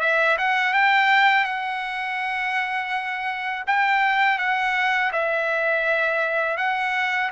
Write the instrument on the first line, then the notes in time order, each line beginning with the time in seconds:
trumpet
0.00 E5
0.38 F#5
0.74 G5
1.44 F#5
3.67 G5
4.39 F#5
5.13 E5
6.57 F#5